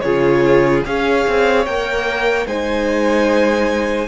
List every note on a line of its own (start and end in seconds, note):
0.00 0.85 C#3
0.00 0.84 F4
0.00 0.85 G#4
0.00 0.81 C#5
0.84 1.26 C#4
0.84 1.65 G#4
0.84 2.47 C#5
0.84 1.65 F5
1.28 1.66 C4
1.65 2.46 A#3
1.65 2.47 A#4
1.65 2.46 G5
2.46 4.08 G#3
2.46 4.08 D#4
2.46 4.08 C5
2.46 4.08 G#5